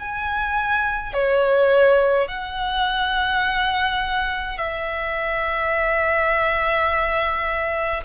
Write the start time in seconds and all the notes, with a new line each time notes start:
0.00 G#5
1.14 C#5
2.29 F#5
4.58 E5